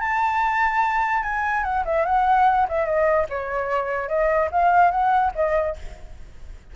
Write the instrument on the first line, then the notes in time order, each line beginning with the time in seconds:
flute
0.00 A5
1.22 G#5
1.63 F#5
1.84 E5
2.05 F#5
2.68 E5
2.85 D#5
3.29 C#5
4.08 D#5
4.51 F5
4.91 F#5
5.34 D#5